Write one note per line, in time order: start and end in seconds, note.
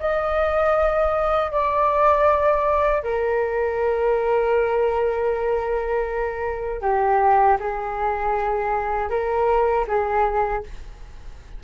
0.00 1.52 D#5
1.52 3.03 D5
3.03 6.82 A#4
6.82 7.58 G4
7.60 9.10 G#4
9.10 9.86 A#4
9.87 10.63 G#4